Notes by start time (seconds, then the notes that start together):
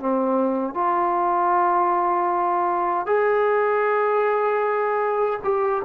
0.00 C4
0.74 F4
3.06 G#4
5.44 G4